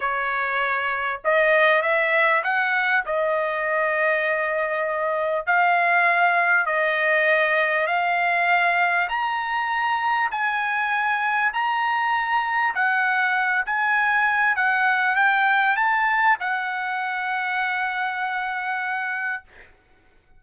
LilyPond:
\new Staff \with { instrumentName = "trumpet" } { \time 4/4 \tempo 4 = 99 cis''2 dis''4 e''4 | fis''4 dis''2.~ | dis''4 f''2 dis''4~ | dis''4 f''2 ais''4~ |
ais''4 gis''2 ais''4~ | ais''4 fis''4. gis''4. | fis''4 g''4 a''4 fis''4~ | fis''1 | }